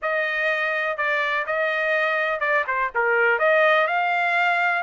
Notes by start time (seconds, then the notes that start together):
0.01 D#5
0.97 D5
1.46 D#5
2.40 D5
2.67 C5
2.94 A#4
3.38 D#5
3.87 F5